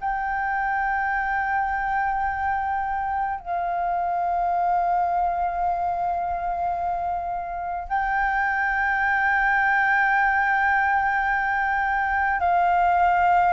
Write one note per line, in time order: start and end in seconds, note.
0.00 3.39 G5
3.39 7.88 F5
7.88 12.40 G5
12.40 13.52 F5